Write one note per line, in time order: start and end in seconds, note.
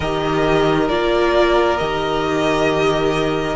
0.00 0.89 D#3
0.00 0.88 G4
0.00 3.56 A#4
0.00 0.88 D#5
0.88 1.79 A#3
0.88 1.78 F4
0.88 1.77 D5
1.77 3.56 D#3
1.77 3.56 G4
1.77 3.56 D#5